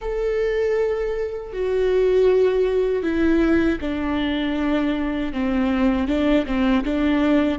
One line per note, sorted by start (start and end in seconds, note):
0.01 1.52 A4
1.52 3.02 F#4
3.02 3.78 E4
3.80 5.32 D4
5.32 6.07 C4
6.07 6.45 D4
6.46 6.84 C4
6.84 7.58 D4